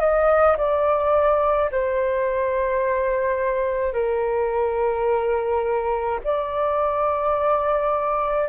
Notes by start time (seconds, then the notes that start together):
0.00 D#5
0.57 D5
1.71 C5
3.93 A#4
6.24 D5